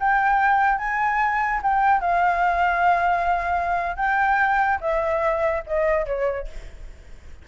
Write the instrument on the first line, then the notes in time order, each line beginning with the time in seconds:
flute
0.00 G5
0.79 G#5
1.63 G5
2.01 F5
3.97 G5
4.81 E5
5.67 D#5
6.06 C#5